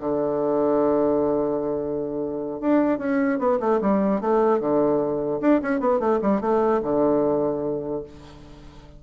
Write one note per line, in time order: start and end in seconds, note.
0.00 2.61 D3
2.61 2.99 D4
2.99 3.39 C#4
3.39 3.59 B3
3.60 3.80 A3
3.81 4.21 G3
4.21 4.60 A3
4.60 5.41 D3
5.41 5.61 D4
5.62 5.80 C#4
5.80 6.00 B3
6.00 6.20 A3
6.22 6.41 G3
6.41 6.81 A3
6.82 8.03 D3